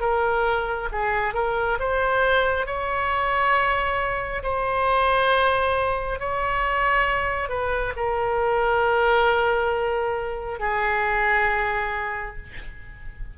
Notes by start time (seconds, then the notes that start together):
0.00 A#4
0.91 G#4
1.34 A#4
1.79 C5
2.66 C#5
4.43 C5
6.19 C#5
7.48 B4
7.96 A#4
10.59 G#4